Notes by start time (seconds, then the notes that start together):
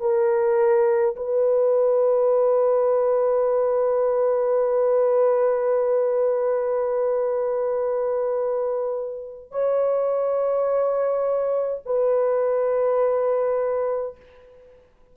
0.00 A#4
1.16 B4
9.51 C#5
11.85 B4